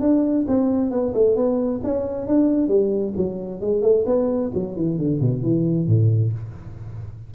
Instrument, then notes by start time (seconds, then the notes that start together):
tuba
0.00 D4
0.47 C4
0.90 B3
1.13 A3
1.35 B3
1.83 C#4
2.27 D4
2.68 G3
3.16 F#3
3.60 G#3
3.82 A3
4.06 B3
4.54 F#3
4.75 E3
4.97 D3
5.20 B2
5.42 E3
5.87 A2